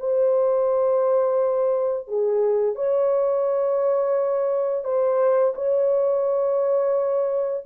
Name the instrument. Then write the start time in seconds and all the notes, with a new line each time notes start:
horn
0.00 C5
2.08 G#4
2.76 C#5
4.85 C5
5.56 C#5